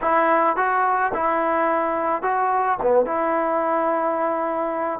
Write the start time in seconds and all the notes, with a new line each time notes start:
0.01 E4
0.56 F#4
1.14 E4
2.22 F#4
2.82 B3
3.05 E4